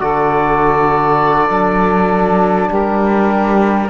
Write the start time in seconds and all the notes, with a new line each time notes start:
0.00 D3 F#4 A4 D5
1.49 F#3 D4
2.68 G3 G4 A#4